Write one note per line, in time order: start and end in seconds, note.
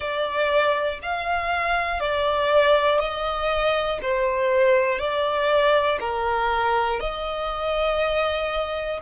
0.00 0.99 D5
1.02 2.00 F5
2.00 2.99 D5
2.99 3.99 D#5
4.01 4.98 C5
4.98 5.98 D5
6.00 7.00 A#4
7.00 9.00 D#5